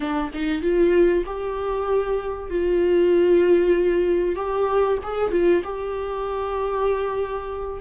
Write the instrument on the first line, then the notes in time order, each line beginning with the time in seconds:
viola
0.00 D4
0.33 D#4
0.61 F4
1.26 G4
2.50 F4
4.35 G4
5.03 G#4
5.31 F4
5.63 G4